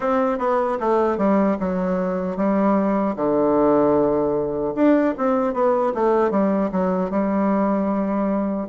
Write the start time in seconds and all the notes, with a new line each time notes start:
0.00 C4
0.38 B3
0.80 A3
1.17 G3
1.59 F#3
2.36 G3
3.16 D3
4.75 D4
5.17 C4
5.53 B3
5.94 A3
6.31 G3
6.71 F#3
7.10 G3